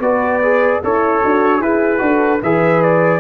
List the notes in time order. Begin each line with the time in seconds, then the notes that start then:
0.00 B3 F#4 B4 D5
0.43 G#4
0.82 C#4 E4 A4 C#5
1.22 D4 F#4
1.61 E4 G#4 B4
1.99 D4 F#4 A4
2.43 E3 G#4 B4 E5
2.83 D5